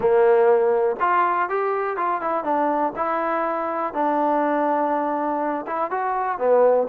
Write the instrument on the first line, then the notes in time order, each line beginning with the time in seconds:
trombone
0.00 A#3
1.00 F4
1.49 G4
1.96 F4
2.21 E4
2.44 D4
2.96 E4
3.93 D4
5.66 E4
5.90 F#4
6.38 B3